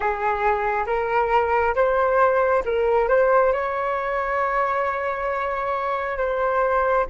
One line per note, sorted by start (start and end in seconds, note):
0.00 0.85 G#4
0.86 1.74 A#4
1.74 2.63 C5
2.65 3.08 A#4
3.08 3.52 C5
3.53 6.17 C#5
6.17 7.05 C5